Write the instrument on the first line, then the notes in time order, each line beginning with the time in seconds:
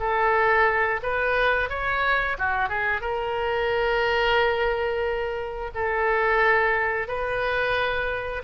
oboe
0.00 A4
1.03 B4
1.70 C#5
2.38 F#4
2.69 G#4
3.01 A#4
5.75 A4
7.08 B4